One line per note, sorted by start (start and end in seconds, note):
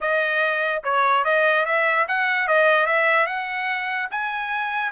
0.00 0.82 D#5
0.83 1.24 C#5
1.24 1.65 D#5
1.65 2.06 E5
2.08 2.47 F#5
2.47 2.86 D#5
2.86 3.26 E5
3.26 4.08 F#5
4.10 4.91 G#5